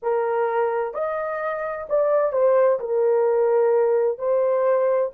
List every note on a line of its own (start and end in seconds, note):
0.02 0.94 A#4
0.94 1.87 D#5
1.89 2.32 D5
2.32 2.79 C5
2.79 4.18 A#4
4.18 5.11 C5